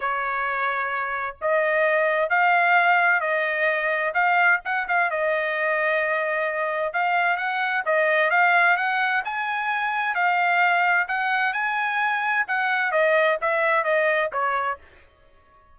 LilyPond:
\new Staff \with { instrumentName = "trumpet" } { \time 4/4 \tempo 4 = 130 cis''2. dis''4~ | dis''4 f''2 dis''4~ | dis''4 f''4 fis''8 f''8 dis''4~ | dis''2. f''4 |
fis''4 dis''4 f''4 fis''4 | gis''2 f''2 | fis''4 gis''2 fis''4 | dis''4 e''4 dis''4 cis''4 | }